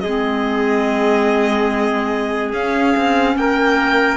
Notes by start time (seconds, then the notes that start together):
0.00 G#3 C4 G#4 D#5
2.53 C#4 F5
2.97 C4
3.36 A#3 A#4 G5